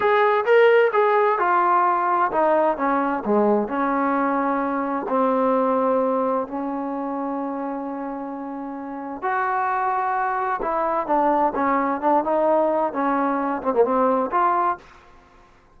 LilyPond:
\new Staff \with { instrumentName = "trombone" } { \time 4/4 \tempo 4 = 130 gis'4 ais'4 gis'4 f'4~ | f'4 dis'4 cis'4 gis4 | cis'2. c'4~ | c'2 cis'2~ |
cis'1 | fis'2. e'4 | d'4 cis'4 d'8 dis'4. | cis'4. c'16 ais16 c'4 f'4 | }